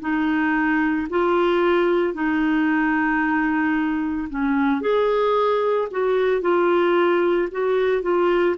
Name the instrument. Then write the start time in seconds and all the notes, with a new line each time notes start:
clarinet
0.00 D#4
1.10 F4
2.14 D#4
4.29 C#4
4.81 G#4
5.91 F#4
6.41 F4
7.51 F#4
8.02 F4